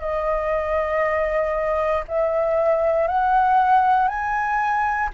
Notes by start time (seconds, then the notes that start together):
0.00 D#5
2.08 E5
3.07 F#5
4.08 G#5